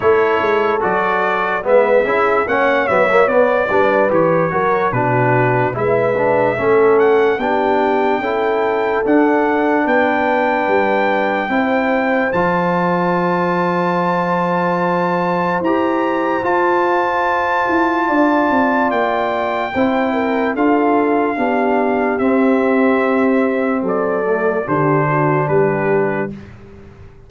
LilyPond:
<<
  \new Staff \with { instrumentName = "trumpet" } { \time 4/4 \tempo 4 = 73 cis''4 d''4 e''4 fis''8 e''8 | d''4 cis''4 b'4 e''4~ | e''8 fis''8 g''2 fis''4 | g''2. a''4~ |
a''2. ais''4 | a''2. g''4~ | g''4 f''2 e''4~ | e''4 d''4 c''4 b'4 | }
  \new Staff \with { instrumentName = "horn" } { \time 4/4 a'2 b'8 gis'8 cis''4~ | cis''8 b'4 ais'8 fis'4 b'4 | a'4 g'4 a'2 | b'2 c''2~ |
c''1~ | c''2 d''2 | c''8 ais'8 a'4 g'2~ | g'4 a'4 g'8 fis'8 g'4 | }
  \new Staff \with { instrumentName = "trombone" } { \time 4/4 e'4 fis'4 b8 e'8 cis'8 b16 ais16 | b8 d'8 g'8 fis'8 d'4 e'8 d'8 | cis'4 d'4 e'4 d'4~ | d'2 e'4 f'4~ |
f'2. g'4 | f'1 | e'4 f'4 d'4 c'4~ | c'4. a8 d'2 | }
  \new Staff \with { instrumentName = "tuba" } { \time 4/4 a8 gis8 fis4 gis8 cis'8 ais8 fis8 | b8 g8 e8 fis8 b,4 gis4 | a4 b4 cis'4 d'4 | b4 g4 c'4 f4~ |
f2. e'4 | f'4. e'8 d'8 c'8 ais4 | c'4 d'4 b4 c'4~ | c'4 fis4 d4 g4 | }
>>